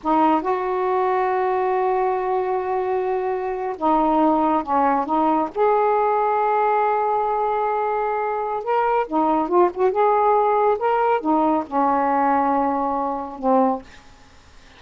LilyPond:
\new Staff \with { instrumentName = "saxophone" } { \time 4/4 \tempo 4 = 139 dis'4 fis'2.~ | fis'1~ | fis'8. dis'2 cis'4 dis'16~ | dis'8. gis'2.~ gis'16~ |
gis'1 | ais'4 dis'4 f'8 fis'8 gis'4~ | gis'4 ais'4 dis'4 cis'4~ | cis'2. c'4 | }